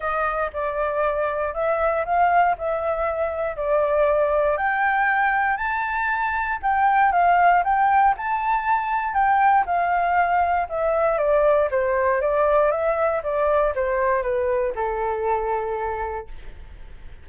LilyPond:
\new Staff \with { instrumentName = "flute" } { \time 4/4 \tempo 4 = 118 dis''4 d''2 e''4 | f''4 e''2 d''4~ | d''4 g''2 a''4~ | a''4 g''4 f''4 g''4 |
a''2 g''4 f''4~ | f''4 e''4 d''4 c''4 | d''4 e''4 d''4 c''4 | b'4 a'2. | }